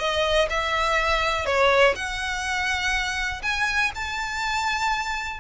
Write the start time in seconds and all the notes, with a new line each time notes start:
0.00 D#5
0.50 E5
1.46 C#5
1.96 F#5
3.43 G#5
3.95 A5